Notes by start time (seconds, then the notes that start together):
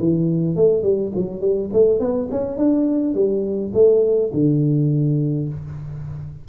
0.00 E3
0.57 A3
0.83 G3
1.16 F#3
1.41 G3
1.73 A3
2.00 B3
2.31 C#4
2.58 D4
3.15 G3
3.74 A3
4.34 D3